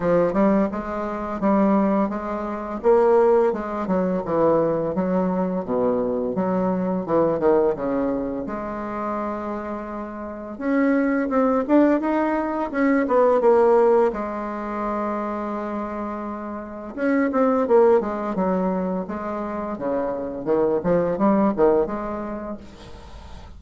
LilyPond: \new Staff \with { instrumentName = "bassoon" } { \time 4/4 \tempo 4 = 85 f8 g8 gis4 g4 gis4 | ais4 gis8 fis8 e4 fis4 | b,4 fis4 e8 dis8 cis4 | gis2. cis'4 |
c'8 d'8 dis'4 cis'8 b8 ais4 | gis1 | cis'8 c'8 ais8 gis8 fis4 gis4 | cis4 dis8 f8 g8 dis8 gis4 | }